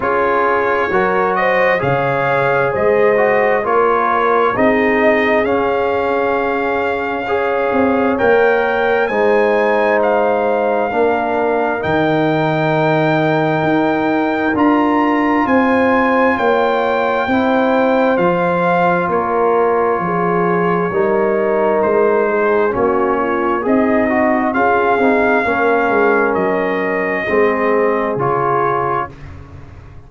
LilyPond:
<<
  \new Staff \with { instrumentName = "trumpet" } { \time 4/4 \tempo 4 = 66 cis''4. dis''8 f''4 dis''4 | cis''4 dis''4 f''2~ | f''4 g''4 gis''4 f''4~ | f''4 g''2. |
ais''4 gis''4 g''2 | f''4 cis''2. | c''4 cis''4 dis''4 f''4~ | f''4 dis''2 cis''4 | }
  \new Staff \with { instrumentName = "horn" } { \time 4/4 gis'4 ais'8 c''8 cis''4 c''4 | ais'4 gis'2. | cis''2 c''2 | ais'1~ |
ais'4 c''4 cis''4 c''4~ | c''4 ais'4 gis'4 ais'4~ | ais'8 gis'8 fis'8 f'8 dis'4 gis'4 | ais'2 gis'2 | }
  \new Staff \with { instrumentName = "trombone" } { \time 4/4 f'4 fis'4 gis'4. fis'8 | f'4 dis'4 cis'2 | gis'4 ais'4 dis'2 | d'4 dis'2. |
f'2. e'4 | f'2. dis'4~ | dis'4 cis'4 gis'8 fis'8 f'8 dis'8 | cis'2 c'4 f'4 | }
  \new Staff \with { instrumentName = "tuba" } { \time 4/4 cis'4 fis4 cis4 gis4 | ais4 c'4 cis'2~ | cis'8 c'8 ais4 gis2 | ais4 dis2 dis'4 |
d'4 c'4 ais4 c'4 | f4 ais4 f4 g4 | gis4 ais4 c'4 cis'8 c'8 | ais8 gis8 fis4 gis4 cis4 | }
>>